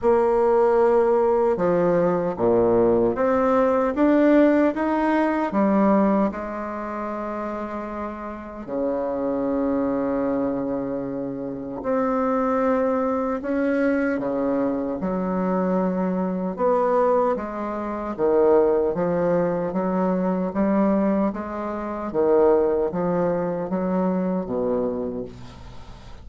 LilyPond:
\new Staff \with { instrumentName = "bassoon" } { \time 4/4 \tempo 4 = 76 ais2 f4 ais,4 | c'4 d'4 dis'4 g4 | gis2. cis4~ | cis2. c'4~ |
c'4 cis'4 cis4 fis4~ | fis4 b4 gis4 dis4 | f4 fis4 g4 gis4 | dis4 f4 fis4 b,4 | }